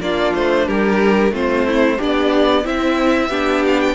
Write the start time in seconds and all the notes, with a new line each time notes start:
0.00 A#3 D4 F4 D5
0.35 A3 C5
0.66 G3 G4 A#4
1.31 A3 C4 F4 C5
1.67 E4
1.97 B3 D4 G4 D5
2.64 C4 E4 E5
3.29 B3 D4 G4
3.66 F5
3.80 G5